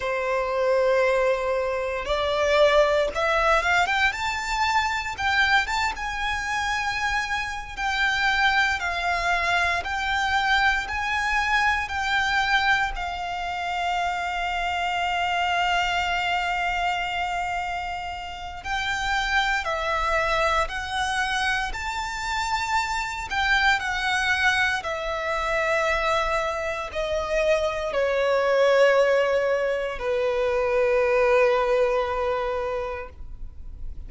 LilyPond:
\new Staff \with { instrumentName = "violin" } { \time 4/4 \tempo 4 = 58 c''2 d''4 e''8 f''16 g''16 | a''4 g''8 a''16 gis''4.~ gis''16 g''8~ | g''8 f''4 g''4 gis''4 g''8~ | g''8 f''2.~ f''8~ |
f''2 g''4 e''4 | fis''4 a''4. g''8 fis''4 | e''2 dis''4 cis''4~ | cis''4 b'2. | }